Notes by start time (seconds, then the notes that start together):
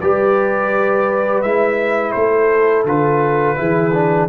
0.00 G3 G4 B4 D5
1.42 G#3 E4 E5
2.11 A3 A4 C5
2.84 D3 F4 B4
3.56 E3 E4 G#4
3.93 D4